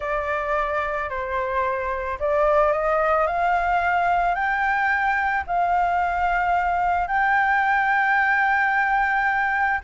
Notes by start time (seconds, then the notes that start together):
0.00 D5
1.09 C5
2.19 D5
2.72 D#5
3.26 F5
4.34 G5
5.46 F5
7.07 G5